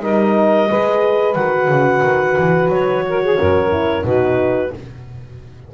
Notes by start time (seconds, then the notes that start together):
0.00 G3 D#4 A#4 D#5
0.69 G#3 G#4 B4
1.34 D#3 F#4 F#5
1.68 C#3
2.03 D#3
2.39 E3
2.68 F#3 C#5
3.08 A#4
3.23 G#4
3.38 F#2 A#4
3.70 E4
4.02 B2 D#4 F#4 B4